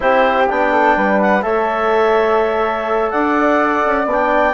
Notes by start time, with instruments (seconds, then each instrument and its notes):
0.00 bassoon C4, trombone E4, flute G4, clarinet C5
0.49 bassoon B3, trombone D4, clarinet G5
0.71 flute A4
0.96 bassoon G3, flute B4
1.21 clarinet F#5
1.42 bassoon A3, trombone A4, flute C#5, clarinet E5
3.10 bassoon D4, flute D5, clarinet F#5
3.85 bassoon C#4
4.05 bassoon B3, trombone D4
4.12 clarinet G5